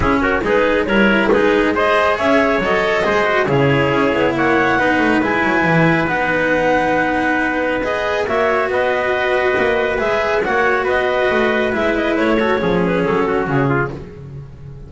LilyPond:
<<
  \new Staff \with { instrumentName = "clarinet" } { \time 4/4 \tempo 4 = 138 gis'8 ais'8 b'4 cis''4 b'4 | dis''4 e''4 dis''2 | cis''2 fis''2 | gis''2 fis''2~ |
fis''2 dis''4 e''4 | dis''2. e''4 | fis''4 dis''2 e''8 dis''8 | cis''4. b'8 a'4 gis'4 | }
  \new Staff \with { instrumentName = "trumpet" } { \time 4/4 e'8 fis'8 gis'4 ais'4 gis'4 | c''4 cis''2 c''4 | gis'2 cis''4 b'4~ | b'1~ |
b'2. cis''4 | b'1 | cis''4 b'2.~ | b'8 a'8 gis'4. fis'4 f'8 | }
  \new Staff \with { instrumentName = "cello" } { \time 4/4 cis'4 dis'4 e'4 dis'4 | gis'2 a'4 gis'8 fis'8 | e'2. dis'4 | e'2 dis'2~ |
dis'2 gis'4 fis'4~ | fis'2. gis'4 | fis'2. e'4~ | e'8 fis'8 cis'2. | }
  \new Staff \with { instrumentName = "double bass" } { \time 4/4 cis'4 gis4 g4 gis4~ | gis4 cis'4 fis4 gis4 | cis4 cis'8 b8 ais4 b8 a8 | gis8 fis8 e4 b2~ |
b2. ais4 | b2 ais4 gis4 | ais4 b4 a4 gis4 | a4 f4 fis4 cis4 | }
>>